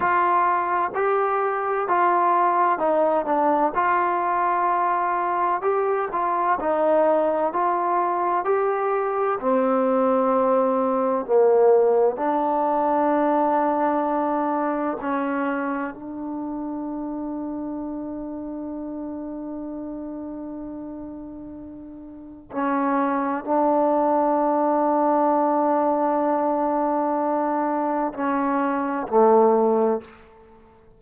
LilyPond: \new Staff \with { instrumentName = "trombone" } { \time 4/4 \tempo 4 = 64 f'4 g'4 f'4 dis'8 d'8 | f'2 g'8 f'8 dis'4 | f'4 g'4 c'2 | ais4 d'2. |
cis'4 d'2.~ | d'1 | cis'4 d'2.~ | d'2 cis'4 a4 | }